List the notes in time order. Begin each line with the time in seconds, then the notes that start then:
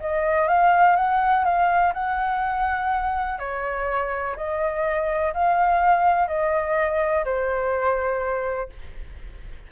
0.00 D#5
0.48 F5
0.96 F#5
1.44 F5
1.94 F#5
3.39 C#5
4.36 D#5
5.34 F5
6.28 D#5
7.24 C5